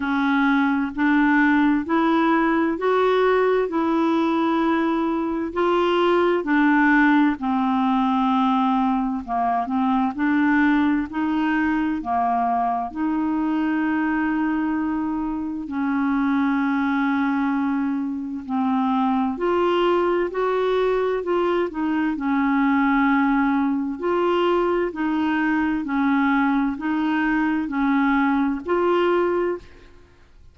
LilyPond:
\new Staff \with { instrumentName = "clarinet" } { \time 4/4 \tempo 4 = 65 cis'4 d'4 e'4 fis'4 | e'2 f'4 d'4 | c'2 ais8 c'8 d'4 | dis'4 ais4 dis'2~ |
dis'4 cis'2. | c'4 f'4 fis'4 f'8 dis'8 | cis'2 f'4 dis'4 | cis'4 dis'4 cis'4 f'4 | }